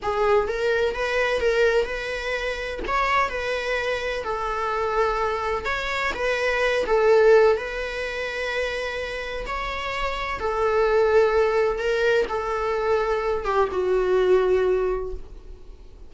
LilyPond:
\new Staff \with { instrumentName = "viola" } { \time 4/4 \tempo 4 = 127 gis'4 ais'4 b'4 ais'4 | b'2 cis''4 b'4~ | b'4 a'2. | cis''4 b'4. a'4. |
b'1 | cis''2 a'2~ | a'4 ais'4 a'2~ | a'8 g'8 fis'2. | }